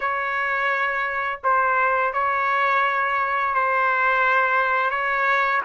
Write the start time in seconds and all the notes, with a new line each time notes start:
0.00 C#5
1.43 C5
2.13 C#5
3.54 C5
4.90 C#5